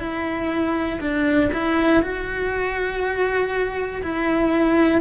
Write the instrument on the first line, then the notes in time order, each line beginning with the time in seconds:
cello
0.00 E4
1.01 D4
1.53 E4
2.03 F#4
4.03 E4